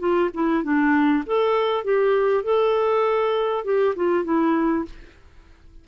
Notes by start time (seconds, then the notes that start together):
0.00 F4
0.34 E4
0.64 D4
1.27 A4
1.85 G4
2.44 A4
3.65 G4
3.96 F4
4.25 E4